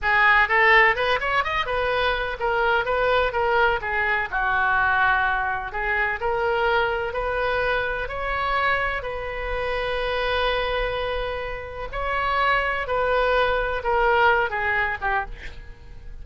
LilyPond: \new Staff \with { instrumentName = "oboe" } { \time 4/4 \tempo 4 = 126 gis'4 a'4 b'8 cis''8 dis''8 b'8~ | b'4 ais'4 b'4 ais'4 | gis'4 fis'2. | gis'4 ais'2 b'4~ |
b'4 cis''2 b'4~ | b'1~ | b'4 cis''2 b'4~ | b'4 ais'4. gis'4 g'8 | }